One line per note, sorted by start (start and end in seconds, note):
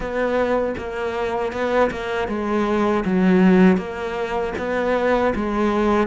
0.00 0.74 B3
0.77 1.52 A#3
1.52 1.90 B3
1.90 2.28 A#3
2.28 3.03 G#3
3.05 3.77 F#3
3.77 4.53 A#3
4.57 5.33 B3
5.35 6.07 G#3